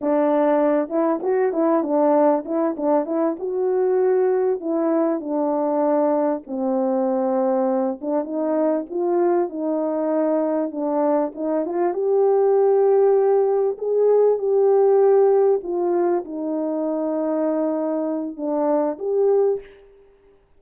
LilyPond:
\new Staff \with { instrumentName = "horn" } { \time 4/4 \tempo 4 = 98 d'4. e'8 fis'8 e'8 d'4 | e'8 d'8 e'8 fis'2 e'8~ | e'8 d'2 c'4.~ | c'4 d'8 dis'4 f'4 dis'8~ |
dis'4. d'4 dis'8 f'8 g'8~ | g'2~ g'8 gis'4 g'8~ | g'4. f'4 dis'4.~ | dis'2 d'4 g'4 | }